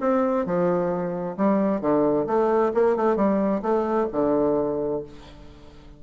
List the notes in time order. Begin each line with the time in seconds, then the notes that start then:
0.00 C4
0.45 F3
1.37 G3
1.80 D3
2.26 A3
2.74 A#3
2.96 A3
3.16 G3
3.62 A3
4.12 D3